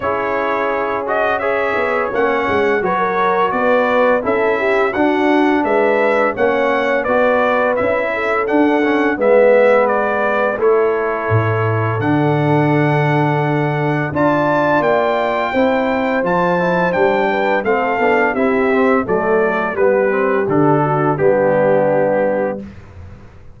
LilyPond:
<<
  \new Staff \with { instrumentName = "trumpet" } { \time 4/4 \tempo 4 = 85 cis''4. dis''8 e''4 fis''4 | cis''4 d''4 e''4 fis''4 | e''4 fis''4 d''4 e''4 | fis''4 e''4 d''4 cis''4~ |
cis''4 fis''2. | a''4 g''2 a''4 | g''4 f''4 e''4 d''4 | b'4 a'4 g'2 | }
  \new Staff \with { instrumentName = "horn" } { \time 4/4 gis'2 cis''2 | b'16 ais'8. b'4 a'8 g'8 fis'4 | b'4 cis''4 b'4. a'8~ | a'4 b'2 a'4~ |
a'1 | d''2 c''2~ | c''8 b'8 a'4 g'4 a'4 | g'4. fis'8 d'2 | }
  \new Staff \with { instrumentName = "trombone" } { \time 4/4 e'4. fis'8 gis'4 cis'4 | fis'2 e'4 d'4~ | d'4 cis'4 fis'4 e'4 | d'8 cis'8 b2 e'4~ |
e'4 d'2. | f'2 e'4 f'8 e'8 | d'4 c'8 d'8 e'8 c'8 a4 | b8 c'8 d'4 b2 | }
  \new Staff \with { instrumentName = "tuba" } { \time 4/4 cis'2~ cis'8 b8 ais8 gis8 | fis4 b4 cis'4 d'4 | gis4 ais4 b4 cis'4 | d'4 gis2 a4 |
a,4 d2. | d'4 ais4 c'4 f4 | g4 a8 b8 c'4 fis4 | g4 d4 g2 | }
>>